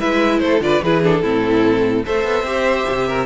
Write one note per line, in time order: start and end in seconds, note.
0.00 0.41 G#3
0.00 0.61 E4
0.00 0.41 B4
0.00 0.39 E5
0.39 0.61 A3
0.39 0.64 A4
0.39 0.60 C5
0.61 0.81 D3
0.61 0.82 F4
0.61 0.84 B4
0.61 0.83 D5
0.83 1.23 E3
0.83 1.03 E4
0.83 1.22 G#4
0.83 1.03 B4
1.03 1.23 D4
1.03 2.06 A4
1.22 2.04 A2
1.22 2.05 C4
1.22 2.04 E4
2.05 2.24 A3
2.05 2.45 A4
2.05 3.08 C5
2.05 3.26 E5
2.24 2.44 B3
2.44 2.84 C4
2.44 3.26 G4
2.90 3.26 C3
3.08 3.26 A#4